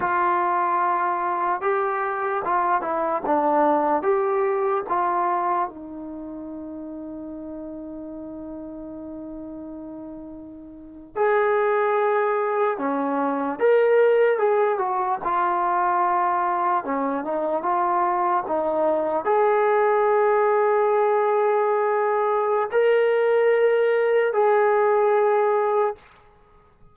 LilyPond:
\new Staff \with { instrumentName = "trombone" } { \time 4/4 \tempo 4 = 74 f'2 g'4 f'8 e'8 | d'4 g'4 f'4 dis'4~ | dis'1~ | dis'4.~ dis'16 gis'2 cis'16~ |
cis'8. ais'4 gis'8 fis'8 f'4~ f'16~ | f'8. cis'8 dis'8 f'4 dis'4 gis'16~ | gis'1 | ais'2 gis'2 | }